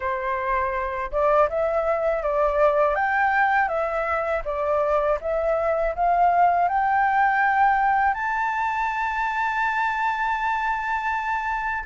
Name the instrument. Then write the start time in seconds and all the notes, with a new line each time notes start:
flute
0.00 C5
1.11 D5
1.48 E5
2.22 D5
2.95 G5
3.68 E5
4.44 D5
5.21 E5
5.95 F5
6.68 G5
8.13 A5